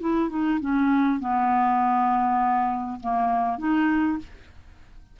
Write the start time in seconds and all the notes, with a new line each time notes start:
0.00 E4
0.29 D#4
0.60 C#4
1.20 B3
3.00 A#3
3.58 D#4